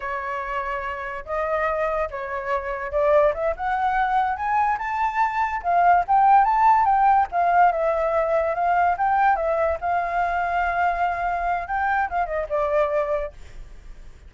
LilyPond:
\new Staff \with { instrumentName = "flute" } { \time 4/4 \tempo 4 = 144 cis''2. dis''4~ | dis''4 cis''2 d''4 | e''8 fis''2 gis''4 a''8~ | a''4. f''4 g''4 a''8~ |
a''8 g''4 f''4 e''4.~ | e''8 f''4 g''4 e''4 f''8~ | f''1 | g''4 f''8 dis''8 d''2 | }